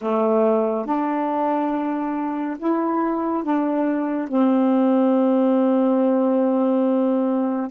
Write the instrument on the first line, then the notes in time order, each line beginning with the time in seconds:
saxophone
0.01 A3
0.85 D4
2.59 E4
3.43 D4
4.28 C4